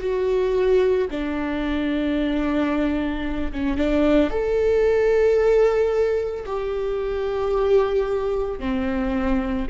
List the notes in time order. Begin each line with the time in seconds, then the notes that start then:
0.00 F#4
1.10 D4
3.52 C#4
3.76 D4
4.30 A4
6.45 G4
8.59 C4